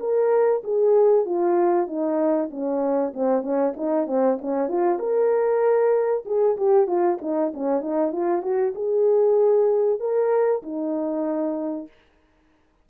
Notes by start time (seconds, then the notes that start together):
0.00 A#4
0.64 G#4
1.26 F4
1.87 D#4
2.51 C#4
3.14 C4
3.43 C#4
3.77 D#4
4.08 C4
4.42 C#4
4.69 F4
4.99 A#4
6.26 G#4
6.57 G4
6.88 F4
7.22 D#4
7.54 C#4
7.81 D#4
8.13 F4
8.43 F#4
8.75 G#4
10.00 A#4
10.63 D#4